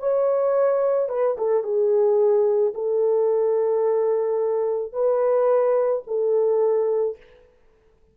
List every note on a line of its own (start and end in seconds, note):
0.00 1.09 C#5
1.09 1.37 B4
1.38 1.64 A4
1.64 2.74 G#4
2.74 4.93 A4
4.93 6.03 B4
6.08 7.18 A4